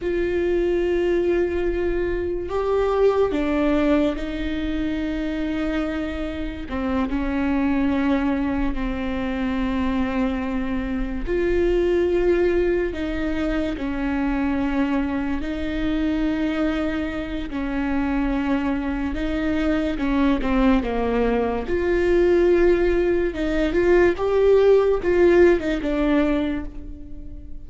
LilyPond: \new Staff \with { instrumentName = "viola" } { \time 4/4 \tempo 4 = 72 f'2. g'4 | d'4 dis'2. | c'8 cis'2 c'4.~ | c'4. f'2 dis'8~ |
dis'8 cis'2 dis'4.~ | dis'4 cis'2 dis'4 | cis'8 c'8 ais4 f'2 | dis'8 f'8 g'4 f'8. dis'16 d'4 | }